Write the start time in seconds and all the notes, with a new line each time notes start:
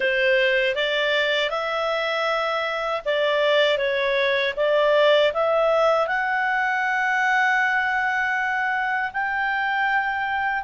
0.00 C5
0.75 D5
1.50 E5
3.05 D5
3.78 C#5
4.56 D5
5.33 E5
6.07 F#5
9.13 G5